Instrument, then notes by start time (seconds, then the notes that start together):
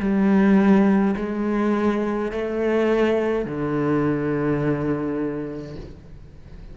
cello
0.00 G3
1.16 G#3
2.32 A3
3.46 D3